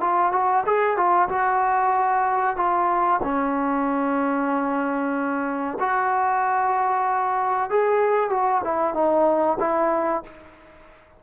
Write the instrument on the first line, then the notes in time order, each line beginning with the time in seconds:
trombone
0.00 F4
0.32 F#4
0.66 G#4
0.96 F4
1.29 F#4
2.56 F4
3.22 C#4
5.79 F#4
7.70 G#4
8.29 F#4
8.64 E4
8.94 D#4
9.59 E4